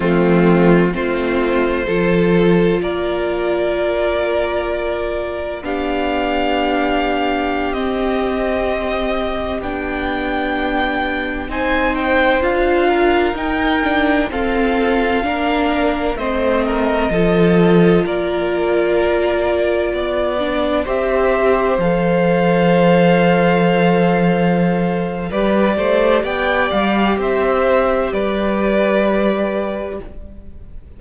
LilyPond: <<
  \new Staff \with { instrumentName = "violin" } { \time 4/4 \tempo 4 = 64 f'4 c''2 d''4~ | d''2 f''2~ | f''16 dis''2 g''4.~ g''16~ | g''16 gis''8 g''8 f''4 g''4 f''8.~ |
f''4~ f''16 dis''2 d''8.~ | d''2~ d''16 e''4 f''8.~ | f''2. d''4 | g''8 f''8 e''4 d''2 | }
  \new Staff \with { instrumentName = "violin" } { \time 4/4 c'4 f'4 a'4 ais'4~ | ais'2 g'2~ | g'1~ | g'16 c''4. ais'4. a'8.~ |
a'16 ais'4 c''8 ais'8 a'4 ais'8.~ | ais'4~ ais'16 d''4 c''4.~ c''16~ | c''2. b'8 c''8 | d''4 c''4 b'2 | }
  \new Staff \with { instrumentName = "viola" } { \time 4/4 a4 c'4 f'2~ | f'2 d'2~ | d'16 c'2 d'4.~ d'16~ | d'16 dis'4 f'4 dis'8 d'8 c'8.~ |
c'16 d'4 c'4 f'4.~ f'16~ | f'4.~ f'16 d'8 g'4 a'8.~ | a'2. g'4~ | g'1 | }
  \new Staff \with { instrumentName = "cello" } { \time 4/4 f4 a4 f4 ais4~ | ais2 b2~ | b16 c'2 b4.~ b16~ | b16 c'4 d'4 dis'4 f'8.~ |
f'16 ais4 a4 f4 ais8.~ | ais4~ ais16 b4 c'4 f8.~ | f2. g8 a8 | b8 g8 c'4 g2 | }
>>